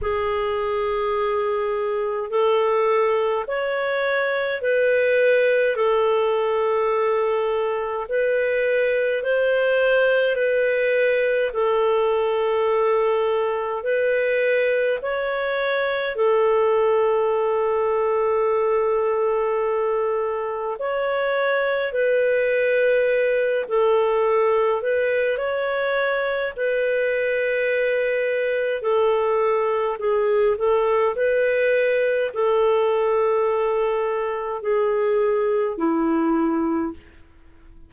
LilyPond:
\new Staff \with { instrumentName = "clarinet" } { \time 4/4 \tempo 4 = 52 gis'2 a'4 cis''4 | b'4 a'2 b'4 | c''4 b'4 a'2 | b'4 cis''4 a'2~ |
a'2 cis''4 b'4~ | b'8 a'4 b'8 cis''4 b'4~ | b'4 a'4 gis'8 a'8 b'4 | a'2 gis'4 e'4 | }